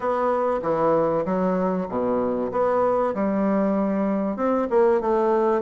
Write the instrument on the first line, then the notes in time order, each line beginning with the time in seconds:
bassoon
0.00 B3
0.62 E3
1.25 F#3
1.88 B2
2.51 B3
3.14 G3
4.36 C4
4.70 A#3
5.01 A3